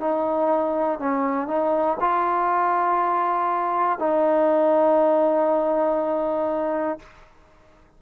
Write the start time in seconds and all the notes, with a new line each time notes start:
0.00 D#4
1.00 C#4
1.47 D#4
2.00 F4
4.00 D#4